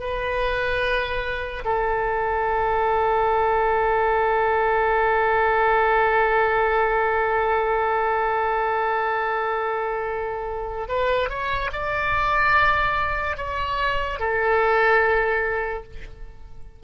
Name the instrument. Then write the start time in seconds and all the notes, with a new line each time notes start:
oboe
0.00 B4
1.65 A4
10.89 B4
11.30 C#5
11.73 D5
13.37 C#5
14.20 A4